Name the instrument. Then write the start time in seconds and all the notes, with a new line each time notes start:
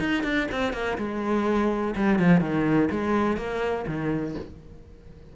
cello
0.00 D#4
0.24 D4
0.51 C4
0.73 A#3
0.98 G#3
1.96 G3
2.19 F3
2.41 D#3
2.91 G#3
3.37 A#3
3.87 D#3